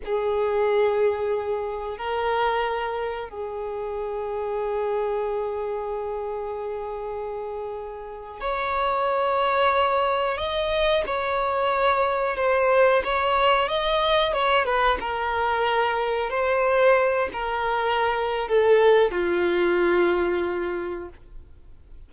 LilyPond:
\new Staff \with { instrumentName = "violin" } { \time 4/4 \tempo 4 = 91 gis'2. ais'4~ | ais'4 gis'2.~ | gis'1~ | gis'8. cis''2. dis''16~ |
dis''8. cis''2 c''4 cis''16~ | cis''8. dis''4 cis''8 b'8 ais'4~ ais'16~ | ais'8. c''4. ais'4.~ ais'16 | a'4 f'2. | }